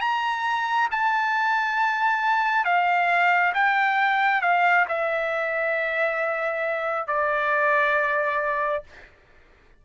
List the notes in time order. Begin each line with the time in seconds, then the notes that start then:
0.00 A#5
0.91 A5
2.64 F5
3.54 G5
4.41 F5
4.88 E5
7.07 D5